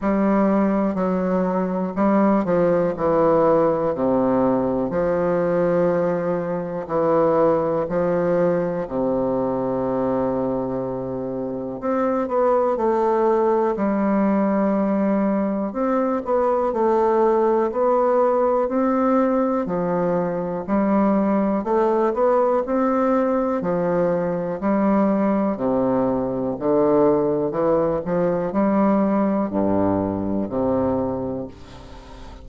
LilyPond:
\new Staff \with { instrumentName = "bassoon" } { \time 4/4 \tempo 4 = 61 g4 fis4 g8 f8 e4 | c4 f2 e4 | f4 c2. | c'8 b8 a4 g2 |
c'8 b8 a4 b4 c'4 | f4 g4 a8 b8 c'4 | f4 g4 c4 d4 | e8 f8 g4 g,4 c4 | }